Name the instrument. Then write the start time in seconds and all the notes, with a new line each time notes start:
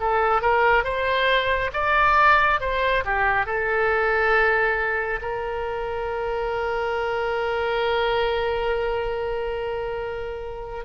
oboe
0.00 A4
0.42 A#4
0.84 C5
1.74 D5
2.60 C5
3.05 G4
3.46 A4
5.22 A#4